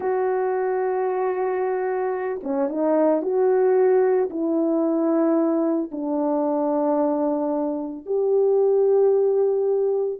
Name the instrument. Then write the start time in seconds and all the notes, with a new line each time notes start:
horn
0.00 F#4
2.43 C#4
2.68 D#4
3.22 F#4
4.30 E4
5.91 D4
8.06 G4